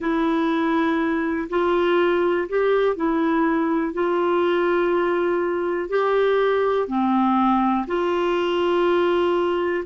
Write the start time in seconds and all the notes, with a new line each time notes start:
0.00 E4
1.49 F4
2.49 G4
2.96 E4
3.93 F4
5.89 G4
6.87 C4
7.87 F4